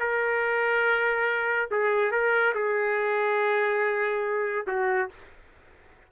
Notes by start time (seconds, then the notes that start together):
0.00 A#4
1.71 G#4
2.12 A#4
2.55 G#4
4.67 F#4